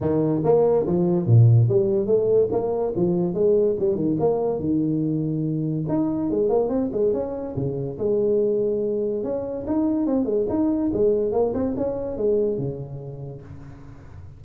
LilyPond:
\new Staff \with { instrumentName = "tuba" } { \time 4/4 \tempo 4 = 143 dis4 ais4 f4 ais,4 | g4 a4 ais4 f4 | gis4 g8 dis8 ais4 dis4~ | dis2 dis'4 gis8 ais8 |
c'8 gis8 cis'4 cis4 gis4~ | gis2 cis'4 dis'4 | c'8 gis8 dis'4 gis4 ais8 c'8 | cis'4 gis4 cis2 | }